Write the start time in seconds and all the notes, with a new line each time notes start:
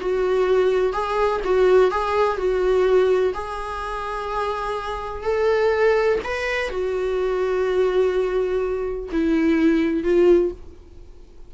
0.00 F#4
0.93 G#4
1.44 F#4
1.90 G#4
2.37 F#4
3.34 G#4
5.23 A4
6.24 B4
6.69 F#4
9.12 E4
10.03 F4